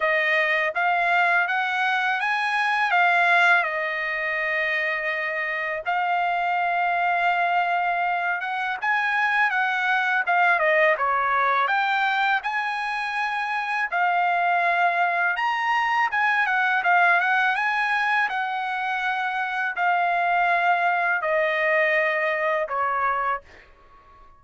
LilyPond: \new Staff \with { instrumentName = "trumpet" } { \time 4/4 \tempo 4 = 82 dis''4 f''4 fis''4 gis''4 | f''4 dis''2. | f''2.~ f''8 fis''8 | gis''4 fis''4 f''8 dis''8 cis''4 |
g''4 gis''2 f''4~ | f''4 ais''4 gis''8 fis''8 f''8 fis''8 | gis''4 fis''2 f''4~ | f''4 dis''2 cis''4 | }